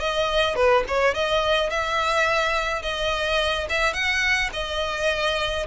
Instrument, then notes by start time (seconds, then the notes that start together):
violin
0.00 D#5
0.56 B4
0.88 C#5
1.15 D#5
1.70 E5
2.83 D#5
3.70 E5
3.94 F#5
4.53 D#5